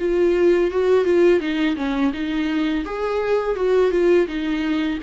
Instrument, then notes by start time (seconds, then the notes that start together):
viola
0.00 F4
0.71 F#4
1.05 F4
1.41 D#4
1.77 C#4
2.14 D#4
2.85 G#4
3.56 F#4
3.92 F4
4.28 D#4